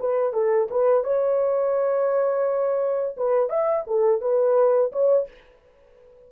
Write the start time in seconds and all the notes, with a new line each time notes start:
0.00 B4
0.33 A4
0.70 B4
1.04 C#5
3.17 B4
3.49 E5
3.87 A4
4.21 B4
4.92 C#5